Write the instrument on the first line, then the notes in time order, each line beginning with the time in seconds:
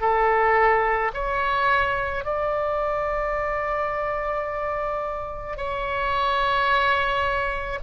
oboe
0.00 A4
1.14 C#5
2.24 D5
5.57 C#5